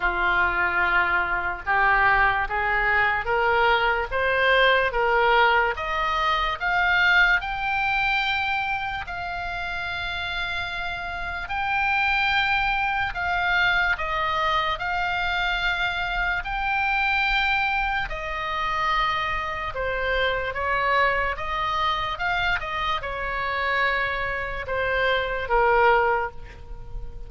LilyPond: \new Staff \with { instrumentName = "oboe" } { \time 4/4 \tempo 4 = 73 f'2 g'4 gis'4 | ais'4 c''4 ais'4 dis''4 | f''4 g''2 f''4~ | f''2 g''2 |
f''4 dis''4 f''2 | g''2 dis''2 | c''4 cis''4 dis''4 f''8 dis''8 | cis''2 c''4 ais'4 | }